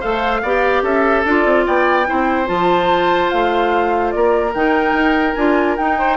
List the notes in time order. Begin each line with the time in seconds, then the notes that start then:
0.00 A3 A4 C5 F5
0.42 B3 G4 D5
0.82 C#4 A4 E5
1.25 D4 F4 D5
1.45 C4
1.66 B3 D5 G5
2.06 C4 E4 C5
2.46 F3 F4 A5
3.30 A3 F5
4.11 A#3 A#4 D5
4.54 D#3 D#4 G5
4.93 D#4
5.34 D4 F4 G#5
5.77 D#4 G5
5.98 C5